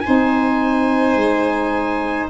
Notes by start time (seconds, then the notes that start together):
0.00 D#4 C5 G#5
0.07 C4
1.16 G#3